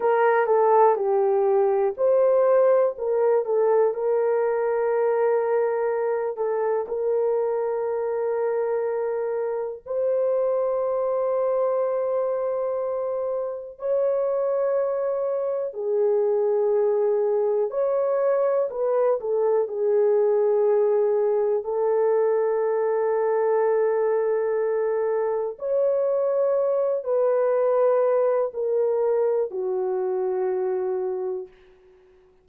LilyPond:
\new Staff \with { instrumentName = "horn" } { \time 4/4 \tempo 4 = 61 ais'8 a'8 g'4 c''4 ais'8 a'8 | ais'2~ ais'8 a'8 ais'4~ | ais'2 c''2~ | c''2 cis''2 |
gis'2 cis''4 b'8 a'8 | gis'2 a'2~ | a'2 cis''4. b'8~ | b'4 ais'4 fis'2 | }